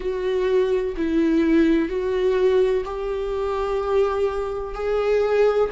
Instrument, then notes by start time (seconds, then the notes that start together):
viola
0.00 F#4
0.97 E4
1.88 F#4
2.84 G4
4.74 G#4